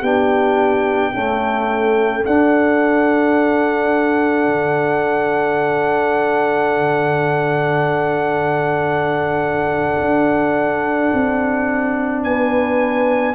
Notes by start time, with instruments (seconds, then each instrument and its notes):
0.00 tuba B3, trombone D4, horn G4, trumpet G5
1.13 trombone A3, tuba C#4, horn A4
2.25 trombone D4, tuba D4, trumpet F#5
4.47 tuba D3
10.01 tuba D4
11.14 tuba C4
12.24 tuba B3, horn B4, trumpet G#5